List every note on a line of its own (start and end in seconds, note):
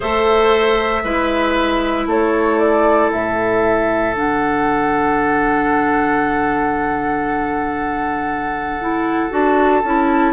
0.00 1.03 A3
0.00 1.03 A4
0.00 1.02 C5
0.00 2.08 E5
1.03 2.06 G#3
1.03 4.13 E4
1.03 2.07 B4
2.06 3.09 A3
2.06 10.32 A4
2.06 2.58 C#5
2.58 3.10 D5
3.12 4.15 A2
3.12 4.15 E5
4.13 9.31 D3
4.13 8.79 D4
4.13 9.33 F#5
8.80 9.29 E4
9.29 9.83 D4
9.29 9.81 F#4
9.29 10.32 A5
9.83 10.32 C#4
9.83 10.32 E4